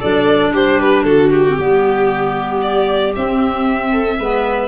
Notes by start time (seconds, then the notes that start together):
0.00 F#3 D4 A4 D5
0.53 G3 G4 C5
0.81 B4
1.04 D3 F#4 A4
1.31 G4
1.47 C4
1.57 G3 B3 G4
2.62 D5
3.16 C4 E5
3.92 A4
4.19 G#3 B3 B4